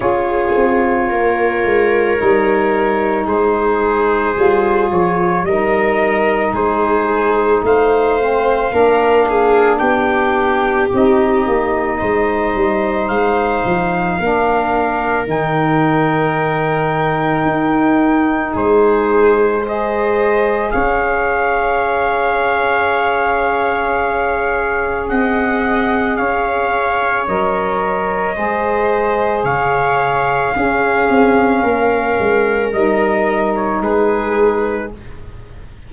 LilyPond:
<<
  \new Staff \with { instrumentName = "trumpet" } { \time 4/4 \tempo 4 = 55 cis''2. c''4~ | c''8 cis''8 dis''4 c''4 f''4~ | f''4 g''4 dis''2 | f''2 g''2~ |
g''4 c''4 dis''4 f''4~ | f''2. fis''4 | f''4 dis''2 f''4~ | f''2 dis''8. cis''16 b'4 | }
  \new Staff \with { instrumentName = "viola" } { \time 4/4 gis'4 ais'2 gis'4~ | gis'4 ais'4 gis'4 c''4 | ais'8 gis'8 g'2 c''4~ | c''4 ais'2.~ |
ais'4 gis'4 c''4 cis''4~ | cis''2. dis''4 | cis''2 c''4 cis''4 | gis'4 ais'2 gis'4 | }
  \new Staff \with { instrumentName = "saxophone" } { \time 4/4 f'2 dis'2 | f'4 dis'2~ dis'8 c'8 | d'2 dis'2~ | dis'4 d'4 dis'2~ |
dis'2 gis'2~ | gis'1~ | gis'4 ais'4 gis'2 | cis'2 dis'2 | }
  \new Staff \with { instrumentName = "tuba" } { \time 4/4 cis'8 c'8 ais8 gis8 g4 gis4 | g8 f8 g4 gis4 a4 | ais4 b4 c'8 ais8 gis8 g8 | gis8 f8 ais4 dis2 |
dis'4 gis2 cis'4~ | cis'2. c'4 | cis'4 fis4 gis4 cis4 | cis'8 c'8 ais8 gis8 g4 gis4 | }
>>